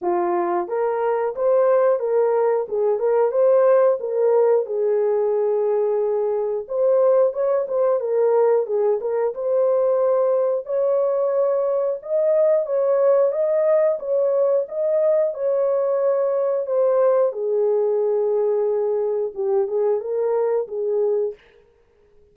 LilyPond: \new Staff \with { instrumentName = "horn" } { \time 4/4 \tempo 4 = 90 f'4 ais'4 c''4 ais'4 | gis'8 ais'8 c''4 ais'4 gis'4~ | gis'2 c''4 cis''8 c''8 | ais'4 gis'8 ais'8 c''2 |
cis''2 dis''4 cis''4 | dis''4 cis''4 dis''4 cis''4~ | cis''4 c''4 gis'2~ | gis'4 g'8 gis'8 ais'4 gis'4 | }